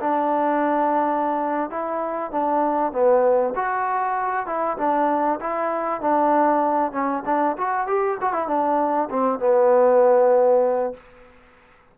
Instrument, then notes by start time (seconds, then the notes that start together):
trombone
0.00 D4
1.70 E4
2.31 D4
2.92 B3
3.55 F#4
4.46 E4
4.77 D4
5.40 E4
6.01 D4
6.92 C#4
7.25 D4
7.57 F#4
7.87 G4
8.21 F#4
8.33 E4
8.47 D4
9.10 C4
9.39 B3